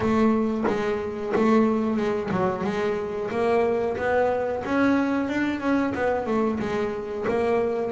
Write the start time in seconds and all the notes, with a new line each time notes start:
0.00 A3
0.67 G#3
1.35 A3
1.96 G#3
2.31 F#3
2.64 G#3
3.31 A#3
3.97 B3
4.64 C#4
5.28 D4
5.60 C#4
5.95 B3
6.26 A3
6.59 G#3
7.27 A#3